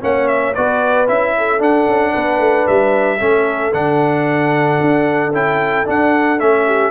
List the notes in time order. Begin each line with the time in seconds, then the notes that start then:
0.00 A#3 C#4 C#5 F#5
0.27 E5
0.54 B3 F#4 B4 D5
1.07 C#4 E4 E5
1.37 A4
1.58 D4 F#5
1.87 C#4
2.12 B3 B4
2.38 A3
2.67 G3 E5
3.18 A3 C#4 A4
3.73 D3 D4 F#5
4.81 D4
5.32 C#4 E4 G5
5.85 D4 F#5
6.39 A3 C#4 E5
6.66 G4